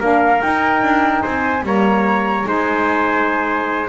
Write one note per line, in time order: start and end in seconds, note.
0.00 0.42 A#3
0.00 0.40 D4
0.00 1.23 A#4
0.00 0.42 F5
0.40 1.62 D#4
0.40 0.83 D#4
0.40 1.23 G5
0.83 1.24 D4
1.23 1.63 C4
1.23 1.64 C5
1.23 1.64 G#5
1.62 2.45 G3
1.62 2.45 A#3
1.62 2.48 C#5
1.62 2.49 A#5
2.45 3.89 G#3
2.45 3.88 D#4
2.45 3.89 C5
2.45 3.89 G#5